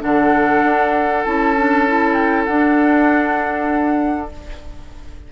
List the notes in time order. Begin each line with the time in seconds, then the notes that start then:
0.00 D3 D4 A4 F#5
0.64 D4
1.24 C#4 E4 A5
1.57 D4
1.88 E4
2.14 G5
2.45 D4 F#5